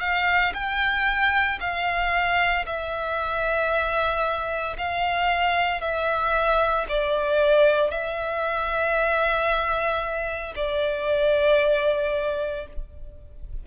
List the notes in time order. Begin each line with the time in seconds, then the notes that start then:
0.00 F5
0.54 G5
1.60 F5
2.67 E5
4.78 F5
5.81 E5
6.89 D5
7.91 E5
10.56 D5